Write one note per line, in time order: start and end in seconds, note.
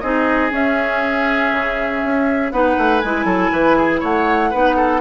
0.00 0.51 C4
0.00 0.51 D#4
0.00 2.52 G#4
0.00 0.50 D#5
0.51 2.51 C#4
0.51 1.51 C#4
0.51 2.51 E5
1.52 2.02 C#3
2.04 2.51 C#4
2.51 2.76 B3
2.51 3.02 D#4
2.51 3.25 B4
2.51 2.99 F#5
2.77 3.02 A3
2.99 3.24 G#3
2.99 3.99 G#5
3.05 4.53 E4
3.24 3.49 F#3
3.24 3.50 A4
3.51 4.01 E3
3.51 3.77 B4
3.77 4.00 G#4
4.00 4.52 A3
4.00 4.50 C#5
4.00 5.01 F#5
4.50 5.01 B3
4.50 5.01 D#4
4.50 4.75 B4
4.76 5.01 A4